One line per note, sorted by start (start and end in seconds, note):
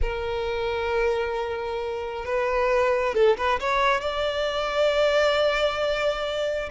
0.01 2.25 A#4
2.25 3.14 B4
3.14 3.36 A4
3.37 3.59 B4
3.60 4.00 C#5
4.00 6.69 D5